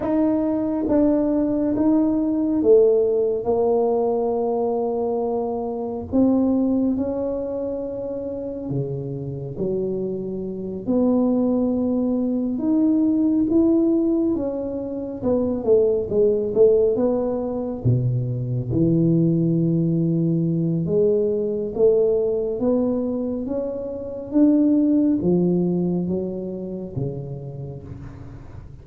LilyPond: \new Staff \with { instrumentName = "tuba" } { \time 4/4 \tempo 4 = 69 dis'4 d'4 dis'4 a4 | ais2. c'4 | cis'2 cis4 fis4~ | fis8 b2 dis'4 e'8~ |
e'8 cis'4 b8 a8 gis8 a8 b8~ | b8 b,4 e2~ e8 | gis4 a4 b4 cis'4 | d'4 f4 fis4 cis4 | }